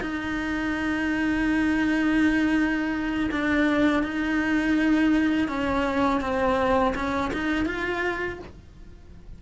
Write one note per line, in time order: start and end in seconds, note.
0.00 3.29 D#4
3.31 4.03 D4
4.03 5.48 D#4
5.48 6.20 C#4
6.20 6.93 C4
6.95 7.31 C#4
7.33 7.65 D#4
7.65 8.38 F4